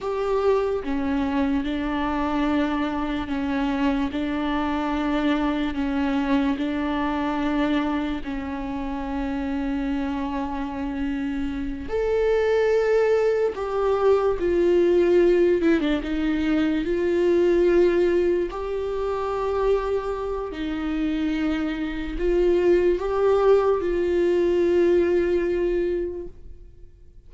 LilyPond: \new Staff \with { instrumentName = "viola" } { \time 4/4 \tempo 4 = 73 g'4 cis'4 d'2 | cis'4 d'2 cis'4 | d'2 cis'2~ | cis'2~ cis'8 a'4.~ |
a'8 g'4 f'4. e'16 d'16 dis'8~ | dis'8 f'2 g'4.~ | g'4 dis'2 f'4 | g'4 f'2. | }